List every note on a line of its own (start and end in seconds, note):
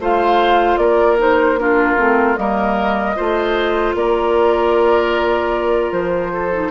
0.00 0.78 A3
0.00 1.18 F4
0.00 0.80 C5
0.00 0.78 F5
0.78 1.96 A#3
0.78 1.60 A#4
0.78 1.17 D5
1.18 1.58 D#4
1.18 1.59 C5
1.58 1.98 D4
1.58 2.40 F4
1.58 2.37 A#4
1.98 2.38 A3
1.98 2.36 C4
2.36 3.17 G3
2.36 3.15 A#3
2.36 3.17 A#4
2.36 3.94 D#5
3.16 3.95 A3
3.16 6.52 F4
3.16 3.96 C5
3.95 5.92 A#3
3.95 6.33 A#4
3.95 5.93 D5
5.92 6.71 F3
5.92 6.72 C5
6.33 6.72 A4
6.53 6.72 D#4